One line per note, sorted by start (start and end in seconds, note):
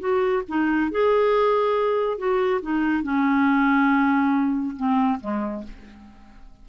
0.00 0.43 F#4
0.48 0.91 D#4
0.91 2.18 G#4
2.18 2.61 F#4
2.62 3.04 D#4
3.04 4.76 C#4
4.77 5.20 C4
5.21 5.64 G#3